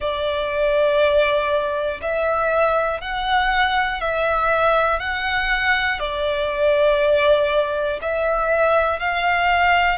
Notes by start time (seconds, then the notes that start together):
0.00 D5
2.01 E5
3.00 F#5
4.00 E5
5.00 F#5
6.00 D5
8.01 E5
8.99 F5